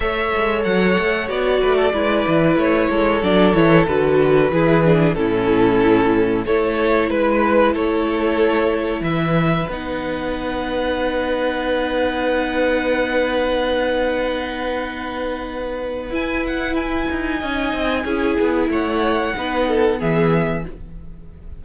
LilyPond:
<<
  \new Staff \with { instrumentName = "violin" } { \time 4/4 \tempo 4 = 93 e''4 fis''4 d''2 | cis''4 d''8 cis''8 b'2 | a'2 cis''4 b'4 | cis''2 e''4 fis''4~ |
fis''1~ | fis''1~ | fis''4 gis''8 fis''8 gis''2~ | gis''4 fis''2 e''4 | }
  \new Staff \with { instrumentName = "violin" } { \time 4/4 cis''2~ cis''8 b'16 a'16 b'4~ | b'8 a'2~ a'8 gis'4 | e'2 a'4 b'4 | a'2 b'2~ |
b'1~ | b'1~ | b'2. dis''4 | gis'4 cis''4 b'8 a'8 gis'4 | }
  \new Staff \with { instrumentName = "viola" } { \time 4/4 a'2 fis'4 e'4~ | e'4 d'8 e'8 fis'4 e'8 d'8 | cis'2 e'2~ | e'2. dis'4~ |
dis'1~ | dis'1~ | dis'4 e'2 dis'4 | e'2 dis'4 b4 | }
  \new Staff \with { instrumentName = "cello" } { \time 4/4 a8 gis8 fis8 a8 b8 a8 gis8 e8 | a8 gis8 fis8 e8 d4 e4 | a,2 a4 gis4 | a2 e4 b4~ |
b1~ | b1~ | b4 e'4. dis'8 cis'8 c'8 | cis'8 b8 a4 b4 e4 | }
>>